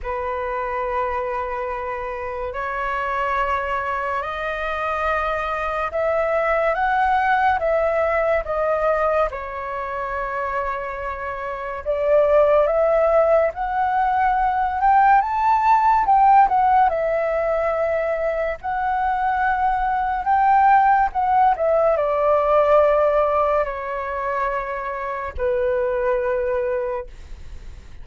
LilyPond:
\new Staff \with { instrumentName = "flute" } { \time 4/4 \tempo 4 = 71 b'2. cis''4~ | cis''4 dis''2 e''4 | fis''4 e''4 dis''4 cis''4~ | cis''2 d''4 e''4 |
fis''4. g''8 a''4 g''8 fis''8 | e''2 fis''2 | g''4 fis''8 e''8 d''2 | cis''2 b'2 | }